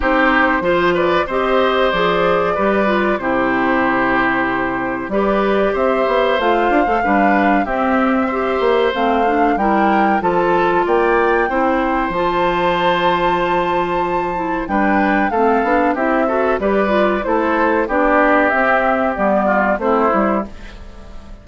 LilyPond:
<<
  \new Staff \with { instrumentName = "flute" } { \time 4/4 \tempo 4 = 94 c''4. d''8 dis''4 d''4~ | d''4 c''2. | d''4 e''4 f''2 | e''2 f''4 g''4 |
a''4 g''2 a''4~ | a''2. g''4 | f''4 e''4 d''4 c''4 | d''4 e''4 d''4 c''4 | }
  \new Staff \with { instrumentName = "oboe" } { \time 4/4 g'4 c''8 b'8 c''2 | b'4 g'2. | b'4 c''2 b'4 | g'4 c''2 ais'4 |
a'4 d''4 c''2~ | c''2. b'4 | a'4 g'8 a'8 b'4 a'4 | g'2~ g'8 f'8 e'4 | }
  \new Staff \with { instrumentName = "clarinet" } { \time 4/4 dis'4 f'4 g'4 gis'4 | g'8 f'8 e'2. | g'2 f'8. a'16 d'4 | c'4 g'4 c'8 d'8 e'4 |
f'2 e'4 f'4~ | f'2~ f'8 e'8 d'4 | c'8 d'8 e'8 fis'8 g'8 f'8 e'4 | d'4 c'4 b4 c'8 e'8 | }
  \new Staff \with { instrumentName = "bassoon" } { \time 4/4 c'4 f4 c'4 f4 | g4 c2. | g4 c'8 b8 a8 d'16 a16 g4 | c'4. ais8 a4 g4 |
f4 ais4 c'4 f4~ | f2. g4 | a8 b8 c'4 g4 a4 | b4 c'4 g4 a8 g8 | }
>>